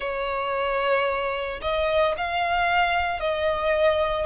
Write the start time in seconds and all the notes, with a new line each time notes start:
0.00 C#5
1.61 D#5
2.17 F5
3.19 D#5